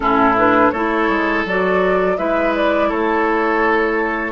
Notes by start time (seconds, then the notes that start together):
0.00 A2 C#4 E4 A4
0.37 D4 B4
0.70 A3 E4 A4 C#5
1.08 G#3
1.45 F#3 F#4 D5
2.17 G#3 E4 B4 E5
2.55 D5
2.88 A3 A4 C#5